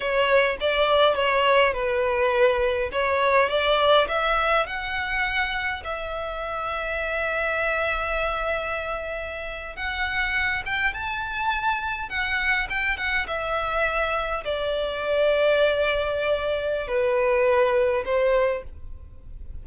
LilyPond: \new Staff \with { instrumentName = "violin" } { \time 4/4 \tempo 4 = 103 cis''4 d''4 cis''4 b'4~ | b'4 cis''4 d''4 e''4 | fis''2 e''2~ | e''1~ |
e''8. fis''4. g''8 a''4~ a''16~ | a''8. fis''4 g''8 fis''8 e''4~ e''16~ | e''8. d''2.~ d''16~ | d''4 b'2 c''4 | }